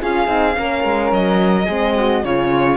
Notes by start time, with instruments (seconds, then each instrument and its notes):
0.00 cello C#4, horn F4, flute G#4, violin F5
0.27 cello C4, horn D#4
0.53 cello A#3, horn C#4, flute A#4
0.84 cello G#3
1.12 cello F#3, violin D#5
1.65 cello G#3, horn C4, flute G#4
1.96 flute F#4
2.24 cello C#3, horn C#4, flute F4, violin C#5